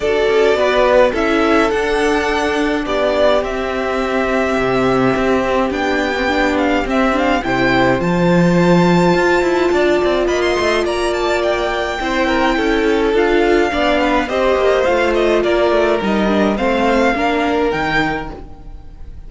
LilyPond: <<
  \new Staff \with { instrumentName = "violin" } { \time 4/4 \tempo 4 = 105 d''2 e''4 fis''4~ | fis''4 d''4 e''2~ | e''2 g''4. f''8 | e''8 f''8 g''4 a''2~ |
a''2 b''16 c'''8. ais''8 a''8 | g''2. f''4~ | f''4 dis''4 f''8 dis''8 d''4 | dis''4 f''2 g''4 | }
  \new Staff \with { instrumentName = "violin" } { \time 4/4 a'4 b'4 a'2~ | a'4 g'2.~ | g'1~ | g'4 c''2.~ |
c''4 d''4 dis''4 d''4~ | d''4 c''8 ais'8 a'2 | d''8 b'8 c''2 ais'4~ | ais'4 c''4 ais'2 | }
  \new Staff \with { instrumentName = "viola" } { \time 4/4 fis'2 e'4 d'4~ | d'2 c'2~ | c'2 d'8. c'16 d'4 | c'8 d'8 e'4 f'2~ |
f'1~ | f'4 e'2 f'4 | d'4 g'4 f'2 | dis'8 d'8 c'4 d'4 dis'4 | }
  \new Staff \with { instrumentName = "cello" } { \time 4/4 d'8 cis'8 b4 cis'4 d'4~ | d'4 b4 c'2 | c4 c'4 b2 | c'4 c4 f2 |
f'8 e'8 d'8 c'8 ais8 a8 ais4~ | ais4 c'4 cis'4 d'4 | b4 c'8 ais8 a4 ais8 a8 | g4 a4 ais4 dis4 | }
>>